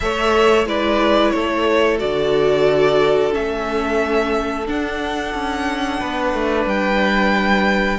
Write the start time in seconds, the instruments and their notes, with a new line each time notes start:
0.00 cello A3, viola A4, violin C#5 E5
0.65 cello G#3, viola E4, violin B4 D5
1.30 cello A3, violin A4 C#5
1.98 cello D3, viola F#4, violin D5
3.31 cello A3, viola C#4, violin E5
4.66 viola D4, cello D4, violin F#5
5.34 cello C#4
5.99 cello B3, violin B4
6.33 cello A3
6.65 cello G3, violin G5